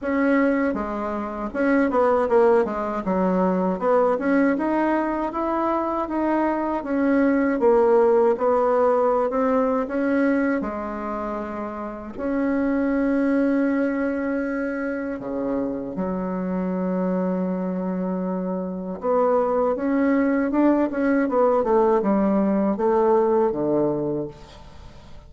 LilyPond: \new Staff \with { instrumentName = "bassoon" } { \time 4/4 \tempo 4 = 79 cis'4 gis4 cis'8 b8 ais8 gis8 | fis4 b8 cis'8 dis'4 e'4 | dis'4 cis'4 ais4 b4~ | b16 c'8. cis'4 gis2 |
cis'1 | cis4 fis2.~ | fis4 b4 cis'4 d'8 cis'8 | b8 a8 g4 a4 d4 | }